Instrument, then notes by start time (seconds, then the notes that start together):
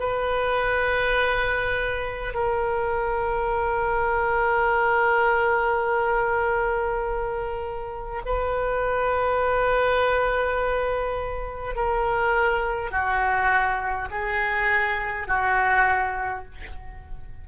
oboe
0.00 B4
2.34 A#4
8.26 B4
11.76 A#4
12.91 F#4
14.11 G#4
15.28 F#4